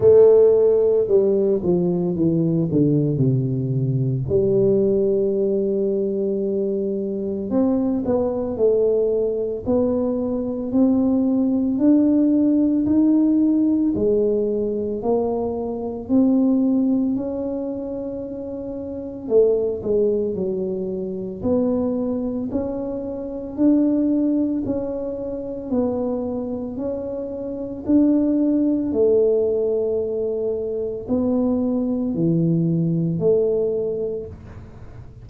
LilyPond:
\new Staff \with { instrumentName = "tuba" } { \time 4/4 \tempo 4 = 56 a4 g8 f8 e8 d8 c4 | g2. c'8 b8 | a4 b4 c'4 d'4 | dis'4 gis4 ais4 c'4 |
cis'2 a8 gis8 fis4 | b4 cis'4 d'4 cis'4 | b4 cis'4 d'4 a4~ | a4 b4 e4 a4 | }